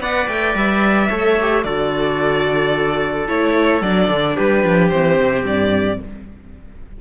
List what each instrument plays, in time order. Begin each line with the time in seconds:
0.00 cello B3, viola B4, trumpet D5, violin F#5
0.28 cello A3, violin G5
0.55 cello G3, violin E5
1.09 cello A3, viola A4, trumpet C#5
1.41 viola G4
1.64 cello D3, viola F#4, trumpet A4, violin D5
3.28 cello A3, viola E4, violin C#5
3.82 cello F#3, viola D4, violin D5
4.09 cello D3
4.36 cello G3, trumpet G4, violin B4
4.65 cello F3
4.89 cello E3, viola C4, violin C5
5.20 cello C3
5.44 cello G2, violin D5